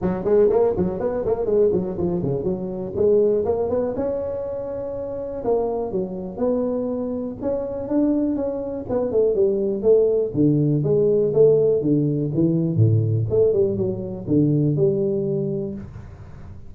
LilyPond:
\new Staff \with { instrumentName = "tuba" } { \time 4/4 \tempo 4 = 122 fis8 gis8 ais8 fis8 b8 ais8 gis8 fis8 | f8 cis8 fis4 gis4 ais8 b8 | cis'2. ais4 | fis4 b2 cis'4 |
d'4 cis'4 b8 a8 g4 | a4 d4 gis4 a4 | d4 e4 a,4 a8 g8 | fis4 d4 g2 | }